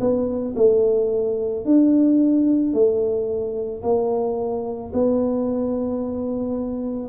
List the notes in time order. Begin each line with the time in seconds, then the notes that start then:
0.00 B3
0.56 A3
1.65 D4
2.73 A3
3.83 A#3
4.93 B3